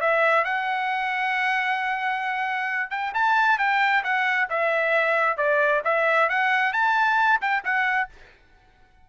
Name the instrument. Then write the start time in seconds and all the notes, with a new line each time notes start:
trumpet
0.00 E5
0.44 F#5
2.90 G5
3.14 A5
3.58 G5
4.03 F#5
4.49 E5
5.37 D5
5.84 E5
6.29 F#5
6.73 A5
7.41 G5
7.64 F#5